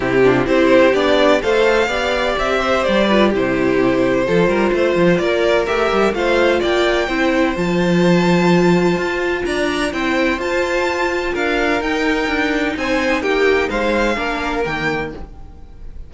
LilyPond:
<<
  \new Staff \with { instrumentName = "violin" } { \time 4/4 \tempo 4 = 127 g'4 c''4 d''4 f''4~ | f''4 e''4 d''4 c''4~ | c''2. d''4 | e''4 f''4 g''2 |
a''1 | ais''4 g''4 a''2 | f''4 g''2 gis''4 | g''4 f''2 g''4 | }
  \new Staff \with { instrumentName = "violin" } { \time 4/4 e'8 f'8 g'2 c''4 | d''4. c''4 b'8 g'4~ | g'4 a'8 ais'8 c''4 ais'4~ | ais'4 c''4 d''4 c''4~ |
c''1 | d''4 c''2. | ais'2. c''4 | g'4 c''4 ais'2 | }
  \new Staff \with { instrumentName = "viola" } { \time 4/4 c'8 d'8 e'4 d'4 a'4 | g'2~ g'8 f'8 e'4~ | e'4 f'2. | g'4 f'2 e'4 |
f'1~ | f'4 e'4 f'2~ | f'4 dis'2.~ | dis'2 d'4 ais4 | }
  \new Staff \with { instrumentName = "cello" } { \time 4/4 c4 c'4 b4 a4 | b4 c'4 g4 c4~ | c4 f8 g8 a8 f8 ais4 | a8 g8 a4 ais4 c'4 |
f2. f'4 | d'4 c'4 f'2 | d'4 dis'4 d'4 c'4 | ais4 gis4 ais4 dis4 | }
>>